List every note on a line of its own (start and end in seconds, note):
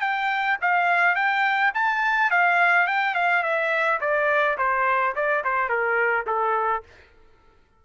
0.00 0.57 G5
0.61 1.15 F5
1.15 1.71 G5
1.74 2.30 A5
2.30 2.87 F5
2.87 3.14 G5
3.14 3.42 F5
3.42 3.99 E5
4.00 4.57 D5
4.57 5.14 C5
5.15 5.43 D5
5.44 5.68 C5
5.68 6.25 A#4
6.26 6.83 A4